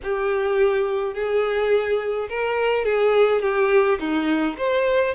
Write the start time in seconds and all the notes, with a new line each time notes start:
0.03 G4
1.14 G#4
2.29 A#4
2.84 G#4
3.41 G4
3.99 D#4
4.57 C5